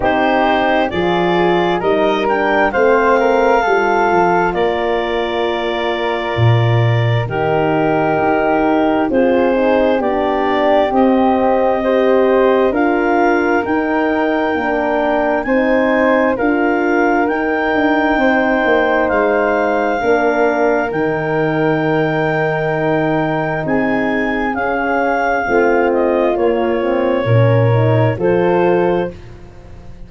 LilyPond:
<<
  \new Staff \with { instrumentName = "clarinet" } { \time 4/4 \tempo 4 = 66 c''4 d''4 dis''8 g''8 f''4~ | f''4 d''2. | ais'2 c''4 d''4 | dis''2 f''4 g''4~ |
g''4 gis''4 f''4 g''4~ | g''4 f''2 g''4~ | g''2 gis''4 f''4~ | f''8 dis''8 cis''2 c''4 | }
  \new Staff \with { instrumentName = "flute" } { \time 4/4 g'4 gis'4 ais'4 c''8 ais'8 | a'4 ais'2. | g'2 gis'4 g'4~ | g'4 c''4 ais'2~ |
ais'4 c''4 ais'2 | c''2 ais'2~ | ais'2 gis'2 | f'2 ais'4 a'4 | }
  \new Staff \with { instrumentName = "horn" } { \time 4/4 dis'4 f'4 dis'8 d'8 c'4 | f'1 | dis'2 f'8 dis'8 d'4 | c'4 g'4 f'4 dis'4 |
d'4 dis'4 f'4 dis'4~ | dis'2 d'4 dis'4~ | dis'2. cis'4 | c'4 ais8 c'8 cis'8 dis'8 f'4 | }
  \new Staff \with { instrumentName = "tuba" } { \time 4/4 c'4 f4 g4 a4 | g8 f8 ais2 ais,4 | dis4 dis'4 c'4 b4 | c'2 d'4 dis'4 |
ais4 c'4 d'4 dis'8 d'8 | c'8 ais8 gis4 ais4 dis4~ | dis2 c'4 cis'4 | a4 ais4 ais,4 f4 | }
>>